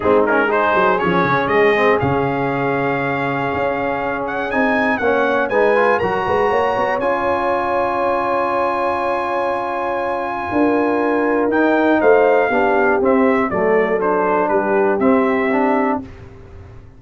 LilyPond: <<
  \new Staff \with { instrumentName = "trumpet" } { \time 4/4 \tempo 4 = 120 gis'8 ais'8 c''4 cis''4 dis''4 | f''1~ | f''8 fis''8 gis''4 fis''4 gis''4 | ais''2 gis''2~ |
gis''1~ | gis''2. g''4 | f''2 e''4 d''4 | c''4 b'4 e''2 | }
  \new Staff \with { instrumentName = "horn" } { \time 4/4 dis'4 gis'2.~ | gis'1~ | gis'2 cis''4 b'4 | ais'8 b'8 cis''2.~ |
cis''1~ | cis''4 ais'2. | c''4 g'2 a'4~ | a'4 g'2. | }
  \new Staff \with { instrumentName = "trombone" } { \time 4/4 c'8 cis'8 dis'4 cis'4. c'8 | cis'1~ | cis'4 dis'4 cis'4 dis'8 f'8 | fis'2 f'2~ |
f'1~ | f'2. dis'4~ | dis'4 d'4 c'4 a4 | d'2 c'4 d'4 | }
  \new Staff \with { instrumentName = "tuba" } { \time 4/4 gis4. fis8 f8 cis8 gis4 | cis2. cis'4~ | cis'4 c'4 ais4 gis4 | fis8 gis8 ais8 b8 cis'2~ |
cis'1~ | cis'4 d'2 dis'4 | a4 b4 c'4 fis4~ | fis4 g4 c'2 | }
>>